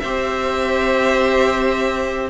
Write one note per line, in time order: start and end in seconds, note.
0.00 2.30 C4
0.00 2.30 G4
0.00 2.30 C5
0.00 2.29 E5